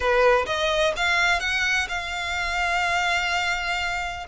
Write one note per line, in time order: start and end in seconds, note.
0.00 0.45 B4
0.46 0.93 D#5
0.96 1.40 F5
1.40 1.87 F#5
1.88 4.26 F5